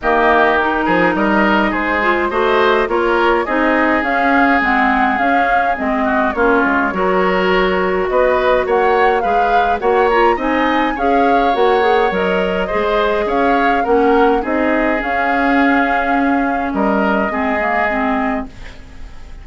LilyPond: <<
  \new Staff \with { instrumentName = "flute" } { \time 4/4 \tempo 4 = 104 dis''4 ais'4 dis''4 c''4 | dis''4 cis''4 dis''4 f''4 | fis''4 f''4 dis''4 cis''4~ | cis''2 dis''4 fis''4 |
f''4 fis''8 ais''8 gis''4 f''4 | fis''4 dis''2 f''4 | fis''4 dis''4 f''2~ | f''4 dis''2. | }
  \new Staff \with { instrumentName = "oboe" } { \time 4/4 g'4. gis'8 ais'4 gis'4 | c''4 ais'4 gis'2~ | gis'2~ gis'8 fis'8 f'4 | ais'2 b'4 cis''4 |
b'4 cis''4 dis''4 cis''4~ | cis''2 c''4 cis''4 | ais'4 gis'2.~ | gis'4 ais'4 gis'2 | }
  \new Staff \with { instrumentName = "clarinet" } { \time 4/4 ais4 dis'2~ dis'8 f'8 | fis'4 f'4 dis'4 cis'4 | c'4 cis'4 c'4 cis'4 | fis'1 |
gis'4 fis'8 f'8 dis'4 gis'4 | fis'8 gis'8 ais'4 gis'2 | cis'4 dis'4 cis'2~ | cis'2 c'8 ais8 c'4 | }
  \new Staff \with { instrumentName = "bassoon" } { \time 4/4 dis4. f8 g4 gis4 | a4 ais4 c'4 cis'4 | gis4 cis'4 gis4 ais8 gis8 | fis2 b4 ais4 |
gis4 ais4 c'4 cis'4 | ais4 fis4 gis4 cis'4 | ais4 c'4 cis'2~ | cis'4 g4 gis2 | }
>>